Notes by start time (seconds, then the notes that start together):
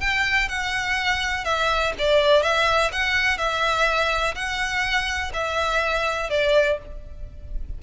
0.00 G5
0.49 F#5
1.44 E5
1.99 D5
2.42 E5
2.92 F#5
3.38 E5
4.35 F#5
5.33 E5
6.30 D5